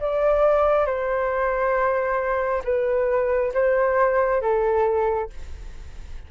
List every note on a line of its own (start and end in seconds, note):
0.00 0.85 D5
0.85 2.62 C5
2.64 3.52 B4
3.54 4.41 C5
4.41 5.29 A4